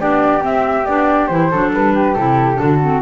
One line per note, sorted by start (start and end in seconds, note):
0.00 0.43 B3
0.00 0.41 D4
0.00 1.51 G4
0.00 0.43 D5
0.41 0.84 C4
0.41 0.86 C4
0.41 0.86 E5
0.86 1.30 B3
0.86 1.30 D4
0.86 1.27 D5
1.27 1.51 E3
1.27 1.52 E4
1.27 1.71 C5
1.51 1.73 F#3
1.51 2.17 D4
1.51 1.94 A4
1.73 2.16 G3
1.73 2.14 B4
1.95 2.60 G4
2.14 2.60 C3
2.14 2.55 E4
2.14 3.01 A4
2.55 3.02 D3
2.55 2.77 D4
2.55 3.02 F#4
2.82 3.02 C4